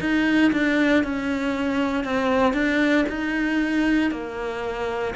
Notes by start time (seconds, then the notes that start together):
0.00 D#4
0.52 D4
1.04 C#4
2.04 C4
2.53 D4
3.09 D#4
4.11 A#3